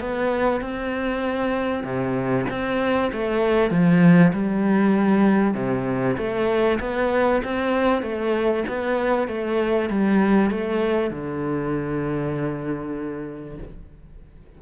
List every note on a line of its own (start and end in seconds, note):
0.00 0.61 B3
0.61 1.84 C4
1.84 2.45 C3
2.49 3.11 C4
3.12 3.70 A3
3.70 4.32 F3
4.33 5.54 G3
5.54 6.16 C3
6.17 6.79 A3
6.80 7.41 B3
7.44 8.02 C4
8.02 8.64 A3
8.68 9.28 B3
9.28 9.89 A3
9.89 10.50 G3
10.50 11.10 A3
11.10 13.58 D3